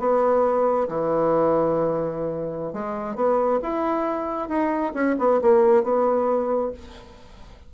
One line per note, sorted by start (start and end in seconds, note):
0.00 0.88 B3
0.89 2.74 E3
2.74 3.16 G#3
3.16 3.60 B3
3.63 4.49 E4
4.49 4.93 D#4
4.94 5.16 C#4
5.19 5.41 B3
5.42 5.84 A#3
5.84 6.72 B3